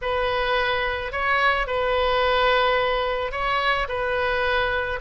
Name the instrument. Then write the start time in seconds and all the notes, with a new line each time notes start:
oboe
0.01 B4
1.12 C#5
1.67 B4
3.31 C#5
3.88 B4